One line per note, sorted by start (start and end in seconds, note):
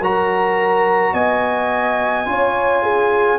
0.00 1.13 F#3
0.00 2.26 F#4
0.00 1.13 A#4
0.00 1.14 A#5
1.13 2.26 B3
1.13 2.27 D#5
1.13 3.39 G#5
2.26 3.39 C#4
2.26 3.39 F4
2.26 2.83 C#5
2.83 3.39 G#4